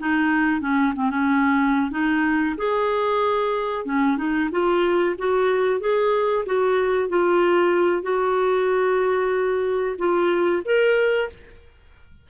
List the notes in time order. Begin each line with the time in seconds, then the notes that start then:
0.00 D#4
0.61 C#4
0.95 C4
1.10 C#4
1.91 D#4
2.57 G#4
3.85 C#4
4.18 D#4
4.51 F4
5.18 F#4
5.80 G#4
6.46 F#4
7.09 F4
8.03 F#4
9.98 F4
10.65 A#4